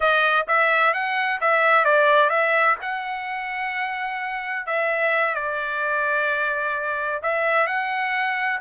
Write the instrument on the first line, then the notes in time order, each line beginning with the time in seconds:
trumpet
0.00 D#5
0.47 E5
0.93 F#5
1.40 E5
1.84 D5
2.29 E5
2.81 F#5
4.66 E5
5.35 D5
7.22 E5
7.66 F#5